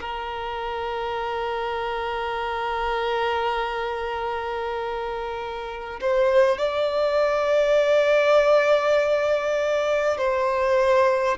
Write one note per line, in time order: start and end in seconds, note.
0.00 6.00 A#4
6.01 6.58 C5
6.58 10.17 D5
10.17 11.37 C5